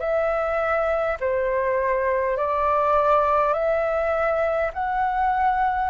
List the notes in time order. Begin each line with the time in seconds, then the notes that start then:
0.00 E5
1.21 C5
2.37 D5
3.54 E5
4.74 F#5